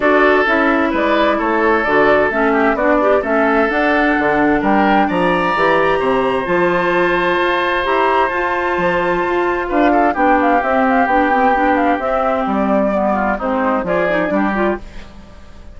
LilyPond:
<<
  \new Staff \with { instrumentName = "flute" } { \time 4/4 \tempo 4 = 130 d''4 e''4 d''4 cis''4 | d''4 e''4 d''4 e''4 | fis''2 g''4 ais''4~ | ais''2 a''2~ |
a''4 ais''4 a''2~ | a''4 f''4 g''8 f''8 e''8 f''8 | g''4. f''8 e''4 d''4~ | d''4 c''4 d''2 | }
  \new Staff \with { instrumentName = "oboe" } { \time 4/4 a'2 b'4 a'4~ | a'4. g'8 fis'8 d'8 a'4~ | a'2 ais'4 d''4~ | d''4 c''2.~ |
c''1~ | c''4 b'8 a'8 g'2~ | g'1~ | g'8 f'8 dis'4 gis'4 g'4 | }
  \new Staff \with { instrumentName = "clarinet" } { \time 4/4 fis'4 e'2. | fis'4 cis'4 d'8 g'8 cis'4 | d'1 | g'2 f'2~ |
f'4 g'4 f'2~ | f'2 d'4 c'4 | d'8 c'8 d'4 c'2 | b4 c'4 f'8 dis'8 d'8 f'8 | }
  \new Staff \with { instrumentName = "bassoon" } { \time 4/4 d'4 cis'4 gis4 a4 | d4 a4 b4 a4 | d'4 d4 g4 f4 | e4 c4 f2 |
f'4 e'4 f'4 f4 | f'4 d'4 b4 c'4 | b2 c'4 g4~ | g4 gis4 f4 g4 | }
>>